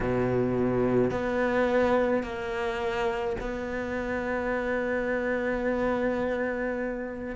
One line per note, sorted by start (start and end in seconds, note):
0.00 1.10 B2
1.10 2.23 B3
2.23 3.36 A#3
3.40 7.35 B3